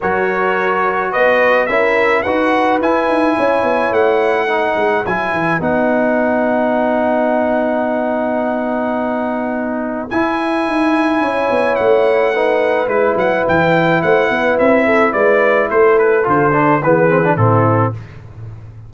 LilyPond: <<
  \new Staff \with { instrumentName = "trumpet" } { \time 4/4 \tempo 4 = 107 cis''2 dis''4 e''4 | fis''4 gis''2 fis''4~ | fis''4 gis''4 fis''2~ | fis''1~ |
fis''2 gis''2~ | gis''4 fis''2 b'8 fis''8 | g''4 fis''4 e''4 d''4 | c''8 b'8 c''4 b'4 a'4 | }
  \new Staff \with { instrumentName = "horn" } { \time 4/4 ais'2 b'4 ais'4 | b'2 cis''2 | b'1~ | b'1~ |
b'1 | cis''2 b'2~ | b'4 c''8 b'4 a'8 b'4 | a'2 gis'4 e'4 | }
  \new Staff \with { instrumentName = "trombone" } { \time 4/4 fis'2. e'4 | fis'4 e'2. | dis'4 e'4 dis'2~ | dis'1~ |
dis'2 e'2~ | e'2 dis'4 e'4~ | e'1~ | e'4 f'8 d'8 b8 c'16 d'16 c'4 | }
  \new Staff \with { instrumentName = "tuba" } { \time 4/4 fis2 b4 cis'4 | dis'4 e'8 dis'8 cis'8 b8 a4~ | a8 gis8 fis8 e8 b2~ | b1~ |
b2 e'4 dis'4 | cis'8 b8 a2 gis8 fis8 | e4 a8 b8 c'4 gis4 | a4 d4 e4 a,4 | }
>>